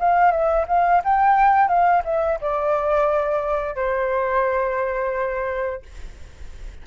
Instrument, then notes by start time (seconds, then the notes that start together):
flute
0.00 F5
0.32 E5
0.68 F5
1.04 G5
1.69 F5
2.05 E5
2.41 D5
3.76 C5